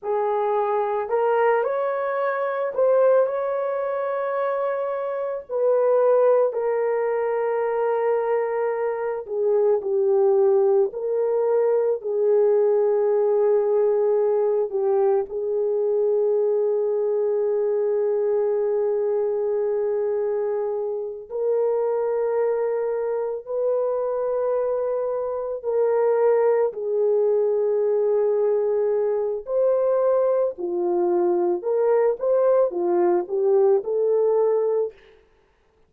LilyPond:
\new Staff \with { instrumentName = "horn" } { \time 4/4 \tempo 4 = 55 gis'4 ais'8 cis''4 c''8 cis''4~ | cis''4 b'4 ais'2~ | ais'8 gis'8 g'4 ais'4 gis'4~ | gis'4. g'8 gis'2~ |
gis'2.~ gis'8 ais'8~ | ais'4. b'2 ais'8~ | ais'8 gis'2~ gis'8 c''4 | f'4 ais'8 c''8 f'8 g'8 a'4 | }